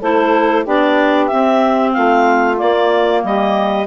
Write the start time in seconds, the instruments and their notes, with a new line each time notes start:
0.00 bassoon A3, clarinet E4 C5, saxophone A4
0.63 bassoon B3, clarinet D4 D5, saxophone G4
1.27 clarinet C4 E5, bassoon C4
1.93 bassoon A3, saxophone F4, clarinet F5
2.56 clarinet A#3 D5, bassoon A#3
3.24 bassoon G3, saxophone G4, clarinet D#5